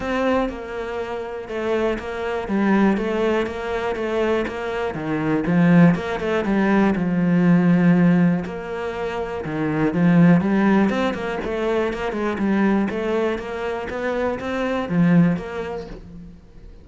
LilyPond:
\new Staff \with { instrumentName = "cello" } { \time 4/4 \tempo 4 = 121 c'4 ais2 a4 | ais4 g4 a4 ais4 | a4 ais4 dis4 f4 | ais8 a8 g4 f2~ |
f4 ais2 dis4 | f4 g4 c'8 ais8 a4 | ais8 gis8 g4 a4 ais4 | b4 c'4 f4 ais4 | }